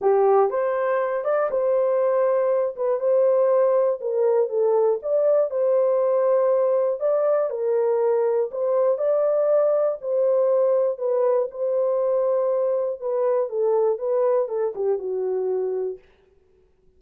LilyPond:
\new Staff \with { instrumentName = "horn" } { \time 4/4 \tempo 4 = 120 g'4 c''4. d''8 c''4~ | c''4. b'8 c''2 | ais'4 a'4 d''4 c''4~ | c''2 d''4 ais'4~ |
ais'4 c''4 d''2 | c''2 b'4 c''4~ | c''2 b'4 a'4 | b'4 a'8 g'8 fis'2 | }